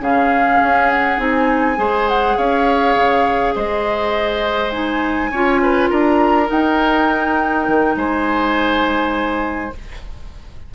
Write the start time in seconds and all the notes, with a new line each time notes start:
0.00 C#3 C#4 G#4 F5
0.63 C#4
0.90 F#5
1.18 C4 D#4 G#5
1.77 G#3 G#4 C5
2.09 F#5
2.37 C#4 C#5 F5
2.95 C#3
3.55 G#3 C5 D#5
4.71 D#4 G#5
5.31 C#4 F4 C#5
5.63 B4
5.90 D4 A#4 A#5
6.47 D#4 G5
7.68 D#3
7.96 G#3 C5 G#5